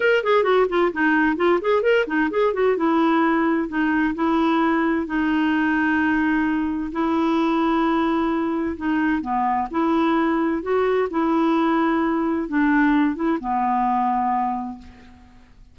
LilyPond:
\new Staff \with { instrumentName = "clarinet" } { \time 4/4 \tempo 4 = 130 ais'8 gis'8 fis'8 f'8 dis'4 f'8 gis'8 | ais'8 dis'8 gis'8 fis'8 e'2 | dis'4 e'2 dis'4~ | dis'2. e'4~ |
e'2. dis'4 | b4 e'2 fis'4 | e'2. d'4~ | d'8 e'8 b2. | }